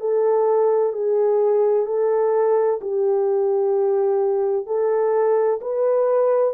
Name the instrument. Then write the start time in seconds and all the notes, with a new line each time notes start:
horn
0.00 A4
0.93 G#4
1.86 A4
2.81 G4
4.66 A4
5.61 B4